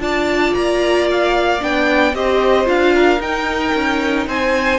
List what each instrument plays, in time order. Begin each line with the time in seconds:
0.00 cello D4, viola F4, violin D5 A5
0.55 cello A#3, violin A#5
1.11 violin F5
1.61 cello B3, viola D4, violin G5
2.14 cello C4, viola G4, violin C5 D#5
2.66 cello D4, viola F4, violin F5
2.95 violin A#4
3.20 cello D#4, viola D#4, violin G5
3.75 cello C#4
4.27 cello C4, violin C5 G#5